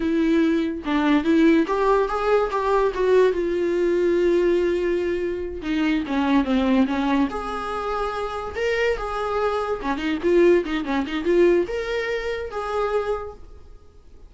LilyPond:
\new Staff \with { instrumentName = "viola" } { \time 4/4 \tempo 4 = 144 e'2 d'4 e'4 | g'4 gis'4 g'4 fis'4 | f'1~ | f'4. dis'4 cis'4 c'8~ |
c'8 cis'4 gis'2~ gis'8~ | gis'8 ais'4 gis'2 cis'8 | dis'8 f'4 dis'8 cis'8 dis'8 f'4 | ais'2 gis'2 | }